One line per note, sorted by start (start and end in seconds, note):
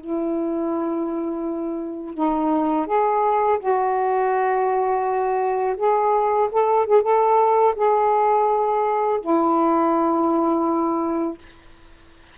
0.00 2.14 E4
2.14 2.86 D#4
2.86 3.58 G#4
3.58 5.75 F#4
5.77 6.49 G#4
6.51 6.85 A4
6.85 7.02 G#4
7.02 7.74 A4
7.75 9.20 G#4
9.20 11.37 E4